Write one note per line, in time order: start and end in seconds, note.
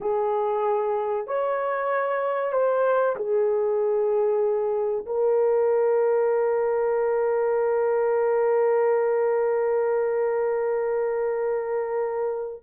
0.00 1.27 G#4
1.27 2.52 C#5
2.52 3.15 C5
3.16 5.05 G#4
5.06 12.63 A#4